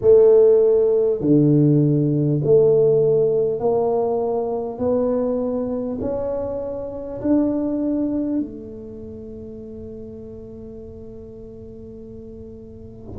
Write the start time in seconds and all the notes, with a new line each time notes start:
0.01 A3
1.21 D3
2.43 A3
3.59 A#3
4.78 B3
6.01 C#4
7.21 D4
8.39 A3